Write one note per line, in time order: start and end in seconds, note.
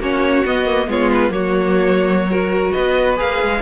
0.00 0.44 A#3
0.00 0.45 C#4
0.00 0.88 F#4
0.00 0.46 C#5
0.45 0.87 B3
0.45 0.66 B3
0.45 0.90 D#5
0.66 0.87 A#3
0.87 1.29 G#3
0.87 1.30 B3
0.87 1.33 F4
0.87 1.11 C#5
1.11 1.32 B4
1.29 2.72 F#3
1.29 2.29 A#3
1.29 2.31 F#4
1.29 2.72 C#5
2.30 3.17 F#4
2.30 2.73 A#4
2.72 3.20 B3
2.72 3.60 B4
2.72 3.16 D#5
3.17 3.43 A#3
3.17 3.61 G#4
3.17 3.62 F5
3.43 3.62 G#3